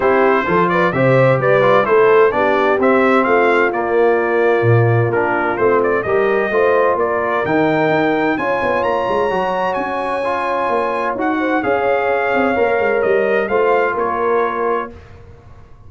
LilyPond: <<
  \new Staff \with { instrumentName = "trumpet" } { \time 4/4 \tempo 4 = 129 c''4. d''8 e''4 d''4 | c''4 d''4 e''4 f''4 | d''2. ais'4 | c''8 d''8 dis''2 d''4 |
g''2 gis''4 ais''4~ | ais''4 gis''2. | fis''4 f''2. | dis''4 f''4 cis''2 | }
  \new Staff \with { instrumentName = "horn" } { \time 4/4 g'4 a'8 b'8 c''4 b'4 | a'4 g'2 f'4~ | f'1~ | f'4 ais'4 c''4 ais'4~ |
ais'2 cis''2~ | cis''1~ | cis''8 c''8 cis''2.~ | cis''4 c''4 ais'2 | }
  \new Staff \with { instrumentName = "trombone" } { \time 4/4 e'4 f'4 g'4. f'8 | e'4 d'4 c'2 | ais2. d'4 | c'4 g'4 f'2 |
dis'2 f'2 | fis'2 f'2 | fis'4 gis'2 ais'4~ | ais'4 f'2. | }
  \new Staff \with { instrumentName = "tuba" } { \time 4/4 c'4 f4 c4 g4 | a4 b4 c'4 a4 | ais2 ais,4 ais4 | a4 g4 a4 ais4 |
dis4 dis'4 cis'8 b8 ais8 gis8 | fis4 cis'2 ais4 | dis'4 cis'4. c'8 ais8 gis8 | g4 a4 ais2 | }
>>